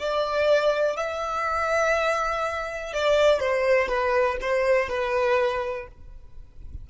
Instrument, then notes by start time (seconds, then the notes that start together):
violin
0.00 D5
0.97 E5
2.94 D5
3.40 C5
3.89 B4
4.41 C5
4.90 B4